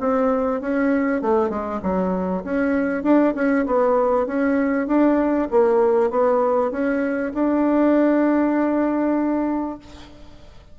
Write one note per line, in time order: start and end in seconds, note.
0.00 0.60 C4
0.60 1.22 C#4
1.22 1.49 A3
1.49 1.80 G#3
1.82 2.43 F#3
2.44 3.03 C#4
3.03 3.34 D4
3.35 3.65 C#4
3.66 4.26 B3
4.26 4.87 C#4
4.87 5.48 D4
5.50 6.10 A#3
6.10 6.71 B3
6.71 7.32 C#4
7.34 9.79 D4